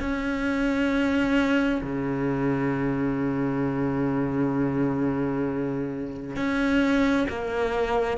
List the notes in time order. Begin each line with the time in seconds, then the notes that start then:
0.00 C#4
1.83 C#3
6.37 C#4
7.29 A#3